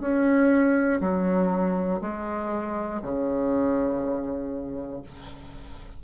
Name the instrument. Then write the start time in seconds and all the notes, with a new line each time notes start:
bassoon
0.00 C#4
1.00 F#3
2.01 G#3
3.02 C#3